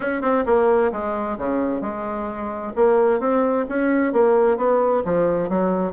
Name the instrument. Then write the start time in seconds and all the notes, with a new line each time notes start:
bassoon
0.00 C#4
0.21 C4
0.45 A#3
0.91 G#3
1.37 C#3
1.81 G#3
2.75 A#3
3.19 C4
3.68 C#4
4.13 A#3
4.57 B3
5.04 F3
5.49 F#3